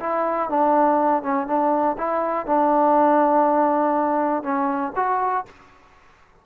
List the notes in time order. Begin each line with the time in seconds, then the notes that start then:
0.00 E4
0.50 D4
1.23 C#4
1.48 D4
1.98 E4
2.47 D4
4.43 C#4
4.96 F#4